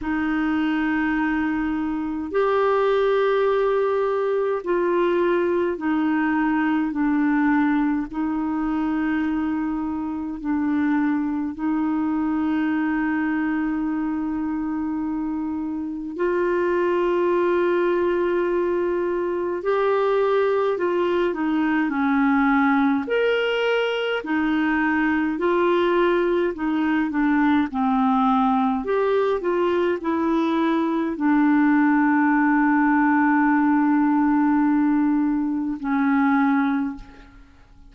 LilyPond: \new Staff \with { instrumentName = "clarinet" } { \time 4/4 \tempo 4 = 52 dis'2 g'2 | f'4 dis'4 d'4 dis'4~ | dis'4 d'4 dis'2~ | dis'2 f'2~ |
f'4 g'4 f'8 dis'8 cis'4 | ais'4 dis'4 f'4 dis'8 d'8 | c'4 g'8 f'8 e'4 d'4~ | d'2. cis'4 | }